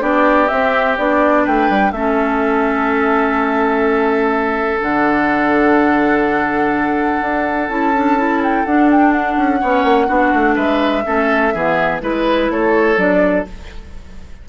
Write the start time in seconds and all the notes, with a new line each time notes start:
0.00 B3 D4 G4 D5
0.48 C4 E5
0.98 B3 D4 D5
1.44 A3 B4 G5
1.69 G3
1.92 A3 C#4 A4 E5
4.80 D3 D4 F#5
7.21 D4
7.69 C#4 E4 A5
7.96 D4
8.18 E4
8.43 G5
8.65 D4 F#5
8.91 G5
9.12 F#5
9.36 C#4
9.60 B3 C#4 C#5
9.84 A#3
10.07 B3 D4 F#4
10.33 A3
10.55 G#3 B4 E5
11.05 A3 C#4 A4
11.54 E3 B3 G#4
12.01 G#3 E4 B4
12.50 A3 A4 C#5
12.96 F#3 D4 D5